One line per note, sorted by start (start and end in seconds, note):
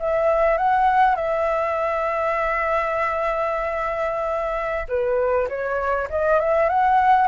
0.00 0.58 E5
0.58 1.16 F#5
1.16 4.87 E5
4.89 5.48 B4
5.49 6.09 C#5
6.10 6.40 D#5
6.40 6.70 E5
6.70 7.28 F#5